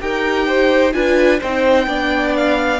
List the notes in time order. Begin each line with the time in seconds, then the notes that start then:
0.00 D#4 G4 A#4 G5
0.47 C5
0.93 D4 F4 B4 G#5
1.39 C4 D#4 C5 G5
1.87 B3 D4 D5
2.37 F5